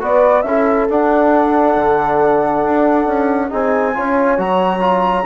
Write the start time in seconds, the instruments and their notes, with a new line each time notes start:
0.00 bassoon B3, trombone F#4, horn B4, flute D5
0.42 bassoon C#4, trombone E4, horn A4, flute E5
0.89 bassoon D4, trombone D4, flute F#5
1.77 bassoon D3
2.64 bassoon D4
3.06 bassoon C#4
3.50 bassoon C4, trombone D#4, horn G#4, flute G#5
3.94 bassoon C#4, trombone F4, horn C#5
4.38 bassoon F#3, trombone F#4, flute A#5
4.80 trombone F4